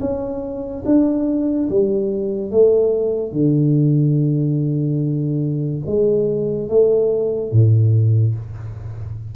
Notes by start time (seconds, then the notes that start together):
0.00 C#4
0.86 D4
1.69 G3
2.51 A3
3.32 D3
5.86 G#3
6.69 A3
7.52 A2